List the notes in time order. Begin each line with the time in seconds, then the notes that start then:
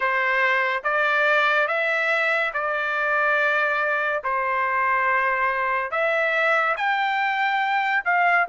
0.00 C5
0.83 D5
1.67 E5
2.54 D5
4.23 C5
5.91 E5
6.76 G5
8.04 F5